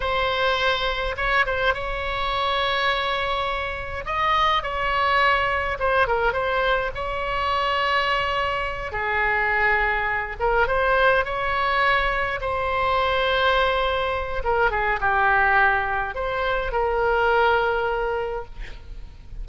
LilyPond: \new Staff \with { instrumentName = "oboe" } { \time 4/4 \tempo 4 = 104 c''2 cis''8 c''8 cis''4~ | cis''2. dis''4 | cis''2 c''8 ais'8 c''4 | cis''2.~ cis''8 gis'8~ |
gis'2 ais'8 c''4 cis''8~ | cis''4. c''2~ c''8~ | c''4 ais'8 gis'8 g'2 | c''4 ais'2. | }